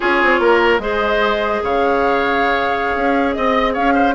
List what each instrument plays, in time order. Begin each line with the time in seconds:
0.00 bassoon C#4, clarinet F4, oboe G#4, flute C#5
0.23 bassoon C4
0.39 bassoon A#3, oboe A#4
0.79 bassoon G#3, clarinet G#4, oboe C5, flute D#5
1.63 bassoon C#3, oboe C#5, flute F5
2.95 bassoon C#4
3.32 bassoon C4, flute D#5, oboe D#5
3.73 bassoon C#4, oboe C#5, flute F5
3.94 oboe C5